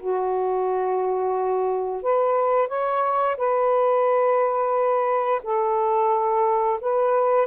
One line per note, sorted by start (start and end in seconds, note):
0.00 2.02 F#4
2.02 2.68 B4
2.68 3.36 C#5
3.37 5.42 B4
5.43 6.80 A4
6.81 7.47 B4